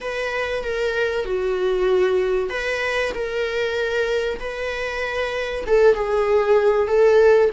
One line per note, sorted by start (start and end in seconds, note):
0.01 0.63 B4
0.63 1.25 A#4
1.25 2.49 F#4
2.49 3.12 B4
3.14 4.39 A#4
4.39 5.64 B4
5.66 5.95 A4
5.95 6.87 G#4
6.87 7.50 A4